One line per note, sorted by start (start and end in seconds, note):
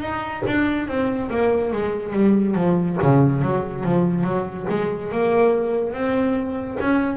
0.00 0.42 D#4
0.46 0.88 D4
0.88 1.30 C4
1.30 1.72 A#3
1.72 2.12 G#3
2.12 2.55 G3
2.55 2.97 F3
3.02 3.42 C#3
3.42 3.84 F#3
3.84 4.23 F3
4.23 4.66 F#3
4.69 5.12 G#3
5.12 5.93 A#3
5.93 6.77 C4
6.80 7.16 C#4